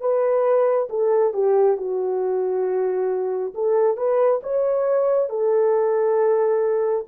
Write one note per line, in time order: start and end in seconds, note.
0.00 0.88 B4
0.89 1.34 A4
1.34 1.77 G4
1.77 3.54 F#4
3.55 3.97 A4
3.97 4.41 B4
4.43 5.29 C#5
5.29 7.06 A4